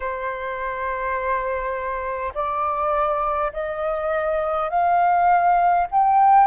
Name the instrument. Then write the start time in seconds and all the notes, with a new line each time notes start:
flute
0.00 C5
2.34 D5
3.52 D#5
4.69 F5
5.91 G5